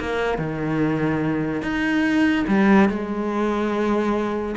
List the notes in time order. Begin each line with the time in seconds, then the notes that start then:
0.00 A#3
0.38 D#3
1.62 D#4
2.47 G3
2.89 G#3